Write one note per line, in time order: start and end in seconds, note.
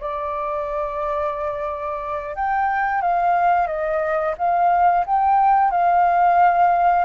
0.00 2.35 D5
2.35 3.02 G5
3.02 3.67 F5
3.67 4.35 D#5
4.38 5.05 F5
5.06 5.71 G5
5.71 7.05 F5